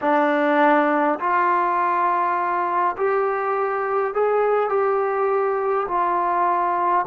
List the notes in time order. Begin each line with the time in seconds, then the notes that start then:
0.01 D4
1.19 F4
2.97 G4
4.13 G#4
4.68 G4
5.88 F4